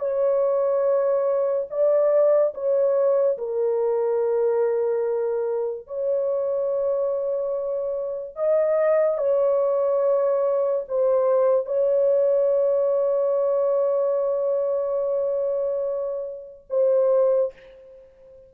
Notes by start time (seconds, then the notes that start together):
0.00 C#5
1.70 D5
2.54 C#5
3.38 A#4
5.87 C#5
8.36 D#5
9.18 C#5
10.88 C5
11.66 C#5
16.70 C5